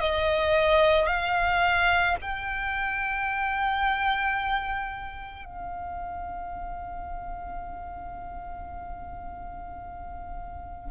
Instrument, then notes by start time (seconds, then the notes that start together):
violin
0.00 D#5
1.06 F5
2.21 G5
5.45 F5